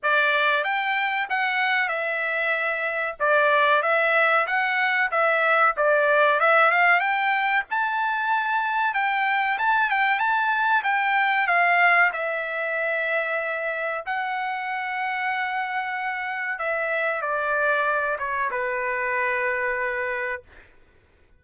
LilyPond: \new Staff \with { instrumentName = "trumpet" } { \time 4/4 \tempo 4 = 94 d''4 g''4 fis''4 e''4~ | e''4 d''4 e''4 fis''4 | e''4 d''4 e''8 f''8 g''4 | a''2 g''4 a''8 g''8 |
a''4 g''4 f''4 e''4~ | e''2 fis''2~ | fis''2 e''4 d''4~ | d''8 cis''8 b'2. | }